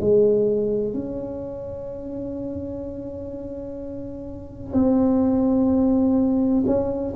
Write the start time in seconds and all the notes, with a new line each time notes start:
0.00 G#3
0.94 C#4
4.73 C4
6.66 C#4